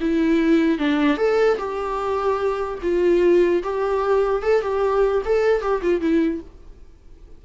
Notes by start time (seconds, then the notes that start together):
0.00 E4
0.78 D4
1.17 A4
1.58 G4
2.82 F4
3.63 G4
4.42 A4
4.61 G4
5.25 A4
5.61 G4
5.82 F4
6.00 E4